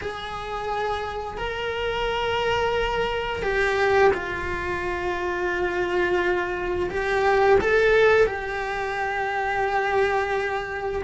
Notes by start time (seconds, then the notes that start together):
0.01 G#4
1.37 A#4
3.42 G4
4.13 F4
6.90 G4
7.60 A4
8.26 G4